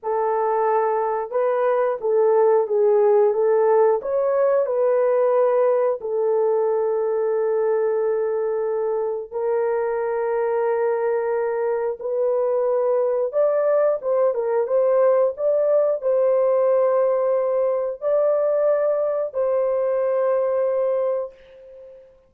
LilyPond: \new Staff \with { instrumentName = "horn" } { \time 4/4 \tempo 4 = 90 a'2 b'4 a'4 | gis'4 a'4 cis''4 b'4~ | b'4 a'2.~ | a'2 ais'2~ |
ais'2 b'2 | d''4 c''8 ais'8 c''4 d''4 | c''2. d''4~ | d''4 c''2. | }